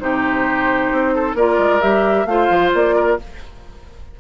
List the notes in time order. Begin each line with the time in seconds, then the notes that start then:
0.00 C3 D#4 G4 C5
0.92 C4
1.15 A4
1.35 A#3 F4 A#4 D5
1.58 G#3
1.81 G3 G4 E5
2.26 A3 F4 C5 F5
2.50 F3
2.74 A#3 D5
2.96 A#4